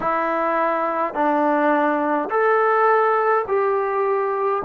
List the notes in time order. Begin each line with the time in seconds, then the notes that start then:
0.00 E4
1.13 D4
2.30 A4
3.47 G4